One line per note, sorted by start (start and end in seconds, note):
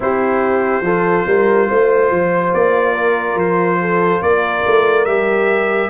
0.00 0.81 C4
0.00 0.85 E4
0.00 0.84 G4
0.00 2.53 C5
0.81 1.23 F3
0.81 5.07 F4
0.81 1.26 A4
1.26 1.69 G3
1.26 1.68 A#4
1.68 2.10 A3
1.68 2.93 C5
2.10 2.53 F3
2.53 3.35 A#3
2.53 3.38 D5
2.93 3.78 A#4
3.35 4.19 F3
3.35 4.22 C5
3.80 4.23 A4
4.21 4.63 A#3
4.21 5.90 A#4
4.21 5.05 D5
4.66 5.06 A3
5.05 5.90 G3
5.05 5.90 G4
5.05 5.89 E5